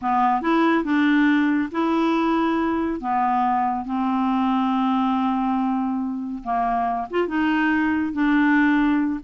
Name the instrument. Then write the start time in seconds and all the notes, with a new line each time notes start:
clarinet
0.01 B3
0.41 E4
0.84 D4
1.71 E4
3.00 B3
3.85 C4
6.43 A#3
7.10 F4
7.27 D#4
8.13 D4